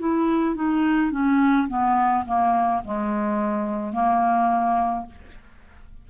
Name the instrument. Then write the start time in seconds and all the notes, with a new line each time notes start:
clarinet
0.00 E4
0.56 D#4
1.12 C#4
1.68 B3
2.26 A#3
2.85 G#3
3.93 A#3